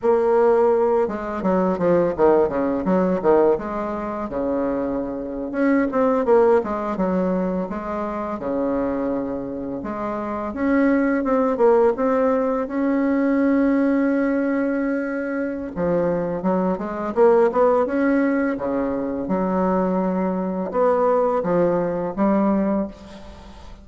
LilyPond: \new Staff \with { instrumentName = "bassoon" } { \time 4/4 \tempo 4 = 84 ais4. gis8 fis8 f8 dis8 cis8 | fis8 dis8 gis4 cis4.~ cis16 cis'16~ | cis'16 c'8 ais8 gis8 fis4 gis4 cis16~ | cis4.~ cis16 gis4 cis'4 c'16~ |
c'16 ais8 c'4 cis'2~ cis'16~ | cis'2 f4 fis8 gis8 | ais8 b8 cis'4 cis4 fis4~ | fis4 b4 f4 g4 | }